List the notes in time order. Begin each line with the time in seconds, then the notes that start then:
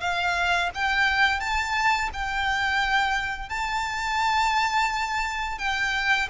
0.00 F5
0.74 G5
1.40 A5
2.13 G5
3.49 A5
5.58 G5